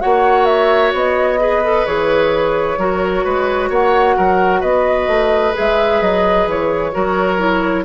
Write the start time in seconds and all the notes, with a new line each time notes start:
0.00 A#3 F#4 C#5 F#5
0.45 E5
0.92 B3 D#5
1.39 G#4 B4
1.63 A4
1.85 E3 G#4 C#5
2.77 F#3 F#4 A#4
3.24 G#3 B4
3.69 A#3 C#5 F#5
4.16 F#3 A#4
4.60 B3 B4 D#5
5.07 A3
5.53 G#3 G#4 E5
6.01 F#3 D#5
6.47 E3 C#5
6.92 F#3 F#4 A#4
7.38 E4